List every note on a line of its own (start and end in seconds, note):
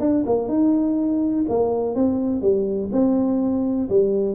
0.00 0.24 D4
0.26 0.48 A#3
0.48 1.45 D#4
1.49 1.95 A#3
1.95 2.41 C4
2.41 2.90 G3
2.92 3.89 C4
3.89 4.35 G3